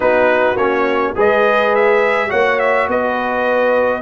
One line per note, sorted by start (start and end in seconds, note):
0.00 0.55 B3
0.00 0.56 D#4
0.00 1.12 F#4
0.00 0.56 B4
0.55 1.13 A#3
0.55 1.15 C#4
0.55 1.14 C#5
1.15 2.31 G#3
1.15 2.28 G#4
1.15 2.29 B4
1.15 1.75 D#5
1.75 2.30 E5
2.28 2.87 A#3
2.28 4.02 F#4
2.28 2.87 C#5
2.28 2.59 F#5
2.59 2.88 E5
2.87 4.02 B3
2.87 4.02 B4
2.87 4.02 D#5